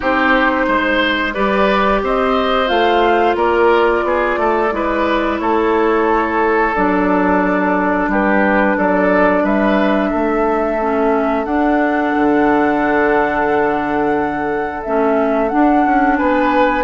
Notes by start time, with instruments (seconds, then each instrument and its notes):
0.00 bassoon C4, clarinet D#4, oboe G4, flute C5
0.67 bassoon G#3, oboe C5
1.33 bassoon G3, clarinet G4, oboe B4, flute D5
2.03 bassoon C4, oboe C5, flute D#5
2.66 bassoon A3, clarinet F4, flute F5
3.35 bassoon A#3, oboe A#4, flute D5
4.03 bassoon B3, oboe G#4
4.37 bassoon A3, oboe A4
4.71 bassoon G#3, clarinet E4, oboe B4
5.39 bassoon A3, oboe A4, flute C#5
6.73 bassoon F#3, clarinet D4, flute D5
8.08 bassoon G3, oboe G4, flute B4
8.77 bassoon F#3, oboe A4, flute D5
9.43 bassoon G3, oboe B4, flute E5
10.10 bassoon A3, oboe A4
10.78 clarinet C#4
11.44 bassoon D4, clarinet D4, flute F#5
12.16 bassoon D3
14.82 bassoon A3, clarinet C#4, flute E5
15.48 clarinet D4, bassoon D4, flute F#5
15.85 bassoon C#4
16.17 bassoon B3, oboe B4, flute G#5